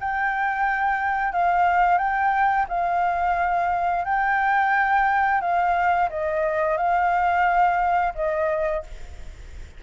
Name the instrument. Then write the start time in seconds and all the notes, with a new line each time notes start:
flute
0.00 G5
1.32 F5
1.98 G5
2.69 F5
4.05 G5
5.41 F5
6.10 D#5
6.77 F5
8.15 D#5